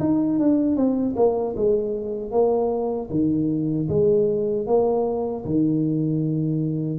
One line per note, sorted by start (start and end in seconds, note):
0.00 0.39 D#4
0.39 0.76 D4
0.76 1.15 C4
1.16 1.55 A#3
1.56 2.31 G#3
2.31 3.09 A#3
3.10 3.88 D#3
3.89 4.66 G#3
4.66 5.44 A#3
5.45 6.99 D#3